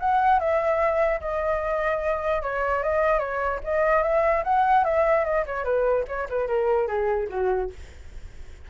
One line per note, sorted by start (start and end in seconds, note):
0.00 0.39 F#5
0.39 1.21 E5
1.21 2.43 D#5
2.43 2.83 C#5
2.83 3.19 D#5
3.19 3.60 C#5
3.64 4.03 D#5
4.03 4.44 E5
4.44 4.84 F#5
4.85 5.25 E5
5.25 5.45 D#5
5.47 5.64 C#5
5.64 6.05 B4
6.08 6.28 C#5
6.30 6.48 B4
6.48 6.88 A#4
6.88 7.28 G#4
7.30 7.70 F#4